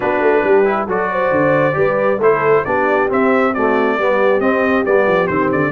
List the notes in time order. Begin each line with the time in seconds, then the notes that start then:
0.00 B3 D4 F#4 B4
0.20 A3
0.43 G3 G4
0.65 E4
0.87 F#3 F#4 A4 D5
1.11 C5
1.31 D3
1.73 G3 G4 B4
2.18 A3 E4 A4 C5
2.64 B3 D4 G4 D5
3.09 C4 E5
3.53 A3 F#4 D5
3.98 G3 B3 G4
4.39 C4 D#5
4.85 G3 B3 D5
5.07 F3
5.27 D#3 C4 C5
5.51 D3 D5